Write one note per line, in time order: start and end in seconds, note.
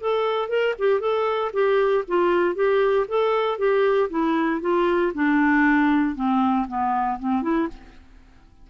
0.00 0.48 A4
0.48 0.74 A#4
0.79 1.00 G4
1.00 1.51 A4
1.53 2.04 G4
2.07 2.55 F4
2.55 3.06 G4
3.08 3.58 A4
3.58 4.09 G4
4.10 4.61 E4
4.61 5.12 F4
5.14 6.15 D4
6.15 6.67 C4
6.68 7.19 B3
7.19 7.42 C4
7.42 7.68 E4